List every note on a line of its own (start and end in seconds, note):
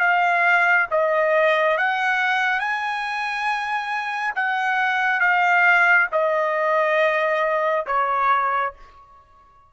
0.00 0.87 F5
0.91 1.78 D#5
1.78 2.60 F#5
2.60 4.34 G#5
4.36 5.21 F#5
5.21 6.08 F5
6.12 7.86 D#5
7.87 8.74 C#5